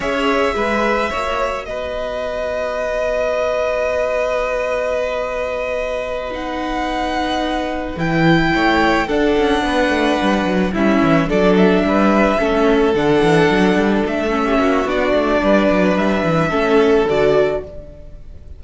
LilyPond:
<<
  \new Staff \with { instrumentName = "violin" } { \time 4/4 \tempo 4 = 109 e''2. dis''4~ | dis''1~ | dis''2.~ dis''8 fis''8~ | fis''2~ fis''8 g''4.~ |
g''8 fis''2. e''8~ | e''8 d''8 e''2~ e''8 fis''8~ | fis''4. e''4. d''4~ | d''4 e''2 d''4 | }
  \new Staff \with { instrumentName = "violin" } { \time 4/4 cis''4 b'4 cis''4 b'4~ | b'1~ | b'1~ | b'2.~ b'8 cis''8~ |
cis''8 a'4 b'2 e'8~ | e'8 a'4 b'4 a'4.~ | a'2~ a'16 g'16 fis'4. | b'2 a'2 | }
  \new Staff \with { instrumentName = "viola" } { \time 4/4 gis'2 fis'2~ | fis'1~ | fis'2.~ fis'8 dis'8~ | dis'2~ dis'8 e'4.~ |
e'8 d'2. cis'8~ | cis'8 d'2 cis'4 d'8~ | d'2 cis'4 d'4~ | d'2 cis'4 fis'4 | }
  \new Staff \with { instrumentName = "cello" } { \time 4/4 cis'4 gis4 ais4 b4~ | b1~ | b1~ | b2~ b8 e4 a8~ |
a8 d'8 cis'8 b8 a8 g8 fis8 g8 | e8 fis4 g4 a4 d8 | e8 fis8 g8 a4 ais8 b8 a8 | g8 fis8 g8 e8 a4 d4 | }
>>